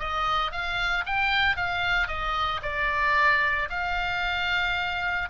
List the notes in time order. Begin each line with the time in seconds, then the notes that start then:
0.00 D#5
0.52 F5
1.07 G5
1.57 F5
2.08 D#5
2.63 D5
3.70 F5